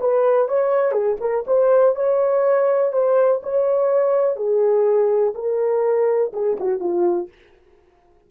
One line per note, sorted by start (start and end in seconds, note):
0.00 0.48 B4
0.48 0.91 C#5
0.91 1.16 G#4
1.20 1.44 A#4
1.46 1.95 C5
1.95 2.92 C#5
2.92 3.41 C5
3.42 4.36 C#5
4.36 5.33 G#4
5.34 6.32 A#4
6.32 6.57 G#4
6.59 6.80 F#4
6.80 7.28 F4